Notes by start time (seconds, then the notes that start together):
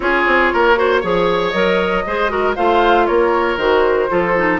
0.00 C#4 F4 G#4 C#5
0.26 C4
0.53 A#3 A#4
0.76 F#4 C5
1.01 F3 G#4 C#5
1.50 F#3 A#4 D#5
2.06 G#3 G#4 C5
2.29 F#4 A#4
2.55 A3 F4 C5 F5
3.06 A#3 A#4 C#5
3.56 D#3 F#4 C5
4.09 F3 F4 A4
4.37 D#4